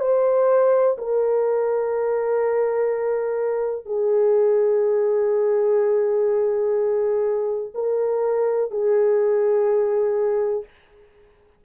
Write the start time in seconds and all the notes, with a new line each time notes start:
0.00 C5
0.98 A#4
3.86 G#4
7.75 A#4
8.71 G#4